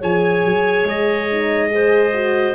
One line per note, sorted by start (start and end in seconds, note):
0.00 0.45 F3
0.00 1.27 G#4
0.00 1.69 C#5
0.00 0.87 G#5
0.45 0.83 F#3
0.83 2.52 G#3
0.83 2.55 D#5
1.31 1.69 D#4
1.69 2.11 G#4
1.69 2.55 C5
2.13 2.55 F#4